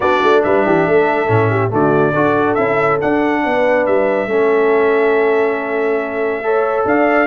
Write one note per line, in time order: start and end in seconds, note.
0.00 0.20 B3
0.00 1.27 D4
0.00 0.43 F#4
0.00 0.42 D5
0.22 0.44 A3
0.43 0.65 G3
0.43 0.65 B4
0.43 1.71 E5
0.65 0.86 E3
0.65 0.87 G4
0.86 1.29 A3
0.86 1.50 A4
1.27 1.71 A2
1.27 1.69 C#4
1.50 1.71 G4
1.69 2.14 D3
1.69 2.12 A3
1.69 2.12 F#4
1.69 2.54 D5
2.12 2.57 D4
2.12 2.57 F#4
2.12 3.41 A4
2.54 3.01 C#4
2.54 3.00 E4
2.54 2.97 E5
3.00 4.28 D4
3.00 3.45 D4
3.00 3.85 F#5
3.43 3.87 B3
3.43 4.28 B4
3.85 4.26 G3
3.85 6.85 E5
4.26 6.83 A3
4.26 6.43 C#4
4.26 6.43 A4
6.43 7.27 A4
6.43 6.87 C#5
6.85 7.27 D4
6.85 7.27 D5
6.85 7.27 F5